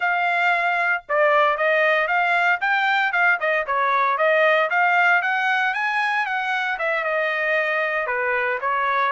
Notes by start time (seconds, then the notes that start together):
0.00 F5
1.08 D5
1.57 D#5
2.07 F5
2.60 G5
3.12 F5
3.40 D#5
3.66 C#5
4.17 D#5
4.70 F5
5.22 F#5
5.74 G#5
6.26 F#5
6.78 E5
7.03 D#5
8.06 B4
8.60 C#5